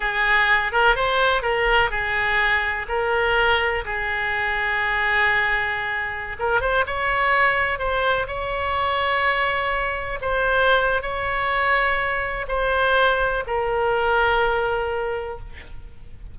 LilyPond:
\new Staff \with { instrumentName = "oboe" } { \time 4/4 \tempo 4 = 125 gis'4. ais'8 c''4 ais'4 | gis'2 ais'2 | gis'1~ | gis'4~ gis'16 ais'8 c''8 cis''4.~ cis''16~ |
cis''16 c''4 cis''2~ cis''8.~ | cis''4~ cis''16 c''4.~ c''16 cis''4~ | cis''2 c''2 | ais'1 | }